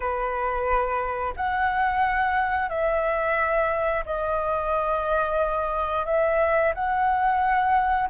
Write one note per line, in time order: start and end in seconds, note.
0.00 1.33 B4
1.36 2.69 F#5
2.69 4.04 E5
4.05 6.05 D#5
6.05 6.73 E5
6.74 8.09 F#5